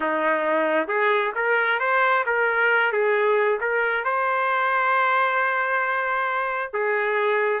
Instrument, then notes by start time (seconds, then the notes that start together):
trumpet
0.00 D#4
0.87 G#4
1.35 A#4
1.79 C5
2.26 A#4
2.92 G#4
3.60 A#4
4.04 C5
6.73 G#4